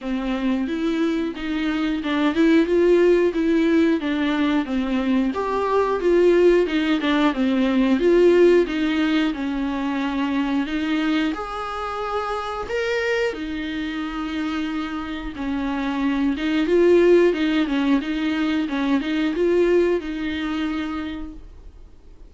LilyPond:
\new Staff \with { instrumentName = "viola" } { \time 4/4 \tempo 4 = 90 c'4 e'4 dis'4 d'8 e'8 | f'4 e'4 d'4 c'4 | g'4 f'4 dis'8 d'8 c'4 | f'4 dis'4 cis'2 |
dis'4 gis'2 ais'4 | dis'2. cis'4~ | cis'8 dis'8 f'4 dis'8 cis'8 dis'4 | cis'8 dis'8 f'4 dis'2 | }